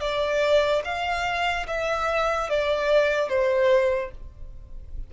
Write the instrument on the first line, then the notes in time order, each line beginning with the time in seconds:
violin
0.00 D5
0.84 F5
1.67 E5
2.50 D5
3.29 C5